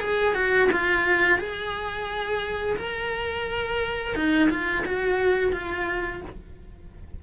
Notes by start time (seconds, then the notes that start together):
0.00 G#4
0.34 F#4
0.72 F4
1.39 G#4
2.77 A#4
4.15 D#4
4.50 F4
4.86 F#4
5.52 F4